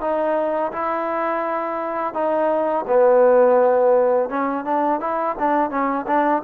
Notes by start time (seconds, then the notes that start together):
0.00 D#4
0.72 E4
2.13 D#4
2.87 B3
4.29 C#4
4.64 D4
5.00 E4
5.39 D4
5.69 C#4
6.06 D4